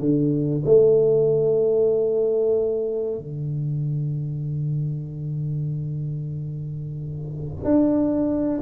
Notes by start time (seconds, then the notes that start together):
0.00 D3
0.66 A3
3.19 D3
7.65 D4